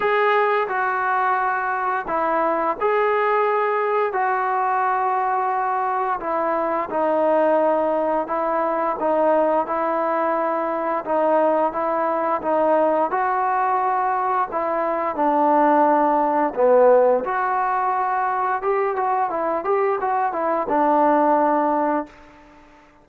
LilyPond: \new Staff \with { instrumentName = "trombone" } { \time 4/4 \tempo 4 = 87 gis'4 fis'2 e'4 | gis'2 fis'2~ | fis'4 e'4 dis'2 | e'4 dis'4 e'2 |
dis'4 e'4 dis'4 fis'4~ | fis'4 e'4 d'2 | b4 fis'2 g'8 fis'8 | e'8 g'8 fis'8 e'8 d'2 | }